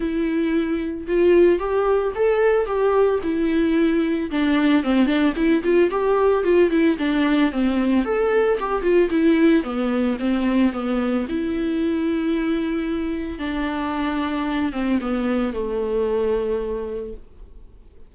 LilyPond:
\new Staff \with { instrumentName = "viola" } { \time 4/4 \tempo 4 = 112 e'2 f'4 g'4 | a'4 g'4 e'2 | d'4 c'8 d'8 e'8 f'8 g'4 | f'8 e'8 d'4 c'4 a'4 |
g'8 f'8 e'4 b4 c'4 | b4 e'2.~ | e'4 d'2~ d'8 c'8 | b4 a2. | }